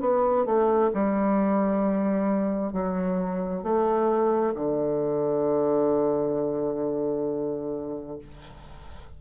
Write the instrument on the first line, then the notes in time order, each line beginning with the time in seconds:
bassoon
0.00 B3
0.45 A3
0.93 G3
2.72 F#3
3.63 A3
4.55 D3